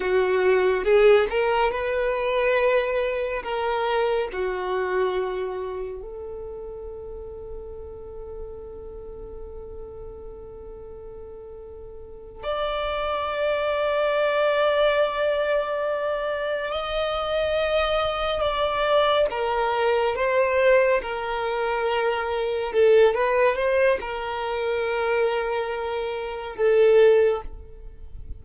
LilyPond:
\new Staff \with { instrumentName = "violin" } { \time 4/4 \tempo 4 = 70 fis'4 gis'8 ais'8 b'2 | ais'4 fis'2 a'4~ | a'1~ | a'2~ a'8 d''4.~ |
d''2.~ d''8 dis''8~ | dis''4. d''4 ais'4 c''8~ | c''8 ais'2 a'8 b'8 c''8 | ais'2. a'4 | }